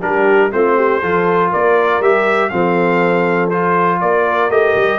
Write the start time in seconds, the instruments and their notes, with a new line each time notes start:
0.00 tuba G3, trombone D4, horn G4, trumpet A#4
0.52 tuba A3, trombone C4, horn F4, trumpet C5
0.77 horn G4
1.01 tuba F3, trombone F4, horn A4
1.51 tuba A#3, horn A#4, trumpet D5
2.00 tuba G3, trombone G4, trumpet E5
2.50 tuba F3, trombone C4, horn A4, trumpet F5
3.50 trombone F4, trumpet C5
4.01 tuba A#3, horn A#4, trumpet D5
4.50 tuba A3, trombone G4, trumpet D#5
4.76 tuba G3